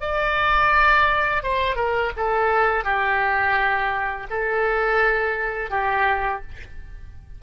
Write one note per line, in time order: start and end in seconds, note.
0.00 1.43 D5
1.43 1.75 C5
1.75 2.11 A#4
2.16 2.84 A4
2.84 4.27 G4
4.30 5.70 A4
5.70 6.42 G4